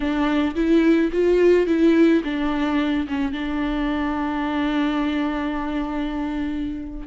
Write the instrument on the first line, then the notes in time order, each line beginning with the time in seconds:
viola
0.00 D4
0.55 E4
1.12 F4
1.67 E4
2.24 D4
3.08 C#4
3.32 D4